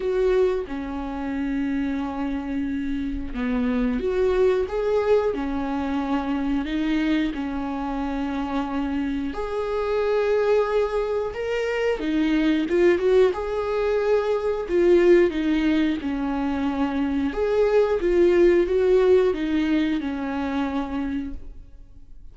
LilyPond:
\new Staff \with { instrumentName = "viola" } { \time 4/4 \tempo 4 = 90 fis'4 cis'2.~ | cis'4 b4 fis'4 gis'4 | cis'2 dis'4 cis'4~ | cis'2 gis'2~ |
gis'4 ais'4 dis'4 f'8 fis'8 | gis'2 f'4 dis'4 | cis'2 gis'4 f'4 | fis'4 dis'4 cis'2 | }